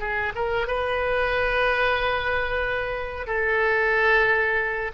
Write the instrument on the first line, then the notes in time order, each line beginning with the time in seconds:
oboe
0.00 G#4
0.35 A#4
0.67 B4
3.27 A4